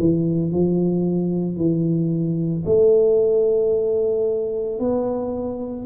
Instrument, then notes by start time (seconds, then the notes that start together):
tuba
0.00 E3
0.52 F3
1.57 E3
2.66 A3
4.80 B3